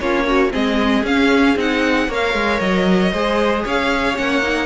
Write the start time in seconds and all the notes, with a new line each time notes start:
0.00 A#3 C#4 F4 C#5
0.24 C#4 F#4
0.50 G#3 C4 G#4 D#5
1.03 C#4 F5
1.56 C4 D#4 F#5
2.08 A#3 A#4 C#5 F5
2.34 G#3
2.60 F#3 D#5
3.12 G#3 G#4 C5
3.64 C#4 C#5 F5
4.15 A#3 C#4 F#5
4.42 D#4